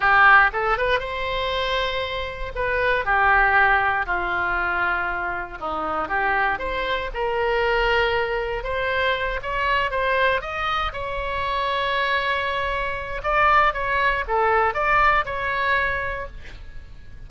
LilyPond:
\new Staff \with { instrumentName = "oboe" } { \time 4/4 \tempo 4 = 118 g'4 a'8 b'8 c''2~ | c''4 b'4 g'2 | f'2. dis'4 | g'4 c''4 ais'2~ |
ais'4 c''4. cis''4 c''8~ | c''8 dis''4 cis''2~ cis''8~ | cis''2 d''4 cis''4 | a'4 d''4 cis''2 | }